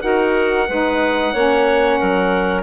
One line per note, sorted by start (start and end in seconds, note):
0.00 0.68 D#4
0.00 0.65 F#4
0.00 0.68 A#4
0.00 2.62 F#5
0.68 1.34 G#3
0.68 1.34 D#4
0.68 1.33 B4
1.33 1.99 A#3
1.33 2.62 C#4
1.33 1.98 C#5
1.98 2.62 F#3
1.98 2.62 A#4